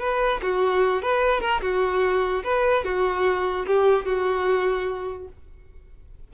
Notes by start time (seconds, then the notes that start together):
0.00 B4
0.43 F#4
1.02 B4
1.41 A#4
1.62 F#4
2.44 B4
2.85 F#4
3.67 G4
4.06 F#4